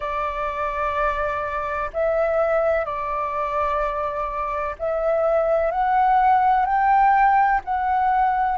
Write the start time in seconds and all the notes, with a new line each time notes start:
0.00 D5
1.93 E5
2.85 D5
4.79 E5
5.71 F#5
6.65 G5
7.64 F#5